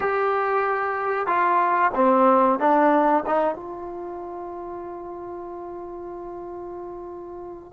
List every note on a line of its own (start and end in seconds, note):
0.00 1.26 G4
1.26 1.91 F4
1.94 2.59 C4
2.59 3.23 D4
3.26 3.55 D#4
3.55 7.72 F4